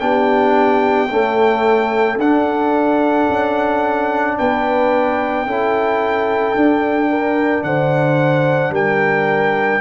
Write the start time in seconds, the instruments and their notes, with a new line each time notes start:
0.00 tuba B3, trombone D4, horn G4, trumpet G5
1.10 trombone A3, tuba C#4, horn A4
2.18 tuba D4, trombone D4, trumpet F#5
3.30 tuba C#4
4.39 tuba B3, horn B4, trumpet G5
5.46 tuba C#4, trombone E4, horn A4
6.55 trombone D4, tuba D4
7.10 horn A#4
7.64 tuba D3, horn C5, trumpet F#5
8.70 tuba G3, horn A#4, trumpet G5